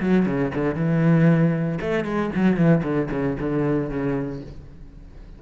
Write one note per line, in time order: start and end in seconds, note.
0.00 0.26 F#3
0.26 0.52 C#3
0.55 0.75 D3
0.75 1.78 E3
1.81 2.05 A3
2.05 2.30 G#3
2.35 2.57 F#3
2.57 2.82 E3
2.83 3.09 D3
3.11 3.37 C#3
3.40 3.90 D3
3.90 4.42 C#3